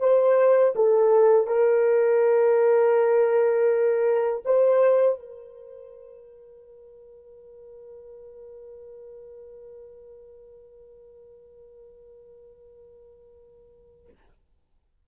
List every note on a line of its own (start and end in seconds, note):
0.00 0.74 C5
0.75 1.47 A4
1.47 4.43 A#4
4.45 5.19 C5
5.19 14.08 A#4